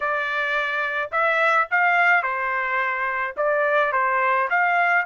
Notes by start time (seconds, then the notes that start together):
0.00 D5
1.11 E5
1.71 F5
2.23 C5
3.36 D5
3.92 C5
4.50 F5